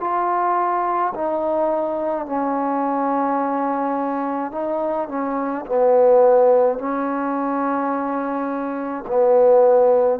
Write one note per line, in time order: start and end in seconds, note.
0.00 1.13 F4
1.14 2.26 D#4
2.26 4.52 C#4
4.52 5.08 D#4
5.08 5.65 C#4
5.66 6.78 B3
6.78 9.05 C#4
9.07 10.19 B3